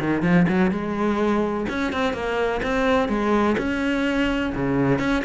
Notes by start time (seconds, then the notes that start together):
0.00 D#3
0.23 F3
0.48 F#3
0.71 G#3
1.69 C#4
1.93 C4
2.14 A#3
2.63 C4
3.09 G#3
3.58 C#4
4.55 C#3
4.99 C#4